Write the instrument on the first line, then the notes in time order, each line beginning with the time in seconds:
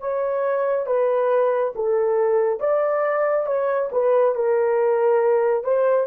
horn
0.00 C#5
0.87 B4
1.76 A4
2.60 D5
3.47 C#5
3.92 B4
4.35 A#4
5.64 C5